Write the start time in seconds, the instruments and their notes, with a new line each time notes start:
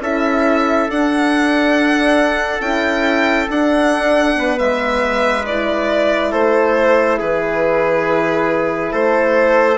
0.00 bassoon C#4, horn E4, trumpet A4, violin E5
0.88 horn D4, bassoon D4, violin F#5
2.60 bassoon C#4, horn E4, violin G5
3.49 bassoon D4, horn D4, violin F#5
4.34 horn B3, trumpet B4
4.58 bassoon G#3, violin E5
5.43 horn E4, violin D5
6.31 bassoon A3, trumpet A4, violin C5
7.18 bassoon E3, trumpet G#4, violin B4
8.91 bassoon A3, trumpet A4, violin C5